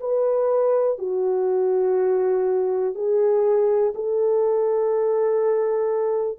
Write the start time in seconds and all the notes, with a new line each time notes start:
0.00 B4
0.98 F#4
2.95 G#4
3.95 A4